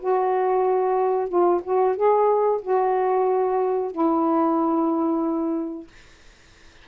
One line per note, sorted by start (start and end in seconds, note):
0.00 1.28 F#4
1.28 1.61 F4
1.64 1.96 F#4
1.96 2.61 G#4
2.62 3.92 F#4
3.92 5.88 E4